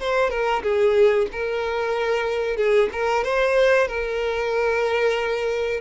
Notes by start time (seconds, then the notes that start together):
0.00 C5
0.30 A#4
0.63 G#4
1.32 A#4
2.57 G#4
2.92 A#4
3.24 C5
3.87 A#4